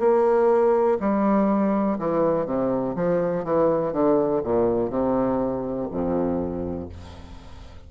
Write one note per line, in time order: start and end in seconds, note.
0.00 0.98 A#3
1.01 1.99 G3
1.99 2.46 E3
2.46 2.96 C3
2.96 3.45 F3
3.45 3.93 E3
3.93 4.42 D3
4.44 4.90 A#2
4.90 5.89 C3
5.91 6.89 F2